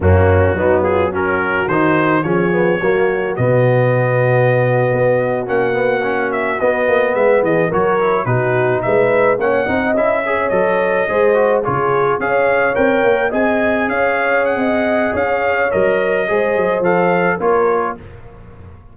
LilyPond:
<<
  \new Staff \with { instrumentName = "trumpet" } { \time 4/4 \tempo 4 = 107 fis'4. gis'8 ais'4 c''4 | cis''2 dis''2~ | dis''4.~ dis''16 fis''4. e''8 dis''16~ | dis''8. e''8 dis''8 cis''4 b'4 e''16~ |
e''8. fis''4 e''4 dis''4~ dis''16~ | dis''8. cis''4 f''4 g''4 gis''16~ | gis''8. f''4 fis''4~ fis''16 f''4 | dis''2 f''4 cis''4 | }
  \new Staff \with { instrumentName = "horn" } { \time 4/4 cis'4 dis'8 f'8 fis'2 | gis'4 fis'2.~ | fis'1~ | fis'8. b'8 gis'8 ais'4 fis'4 b'16~ |
b'8. cis''8 dis''4 cis''4. c''16~ | c''8. gis'4 cis''2 dis''16~ | dis''8. cis''4~ cis''16 dis''4 cis''4~ | cis''4 c''2 ais'4 | }
  \new Staff \with { instrumentName = "trombone" } { \time 4/4 ais4 b4 cis'4 dis'4 | cis'8 b8 ais4 b2~ | b4.~ b16 cis'8 b8 cis'4 b16~ | b4.~ b16 fis'8 e'8 dis'4~ dis'16~ |
dis'8. cis'8 dis'8 e'8 gis'8 a'4 gis'16~ | gis'16 fis'8 f'4 gis'4 ais'4 gis'16~ | gis'1 | ais'4 gis'4 a'4 f'4 | }
  \new Staff \with { instrumentName = "tuba" } { \time 4/4 fis,4 fis2 dis4 | f4 fis4 b,2~ | b,8. b4 ais2 b16~ | b16 ais8 gis8 e8 fis4 b,4 gis16~ |
gis8. ais8 c'8 cis'4 fis4 gis16~ | gis8. cis4 cis'4 c'8 ais8 c'16~ | c'8. cis'4~ cis'16 c'4 cis'4 | fis4 gis8 fis8 f4 ais4 | }
>>